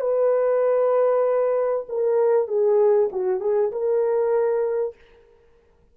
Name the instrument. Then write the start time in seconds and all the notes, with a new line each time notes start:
horn
0.00 B4
1.88 A#4
2.47 G#4
3.12 F#4
3.40 G#4
3.71 A#4